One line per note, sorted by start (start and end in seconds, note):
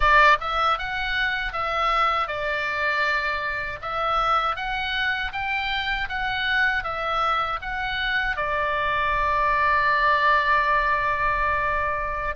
0.00 0.37 D5
0.40 0.78 E5
0.78 1.52 F#5
1.52 2.27 E5
2.27 3.79 D5
3.81 4.56 E5
4.56 5.32 F#5
5.32 6.08 G5
6.08 6.84 F#5
6.84 7.59 E5
7.61 8.36 F#5
8.36 12.35 D5